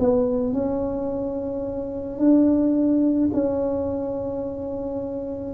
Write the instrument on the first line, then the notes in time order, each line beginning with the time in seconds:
tuba
0.00 B3
0.54 C#4
2.19 D4
3.34 C#4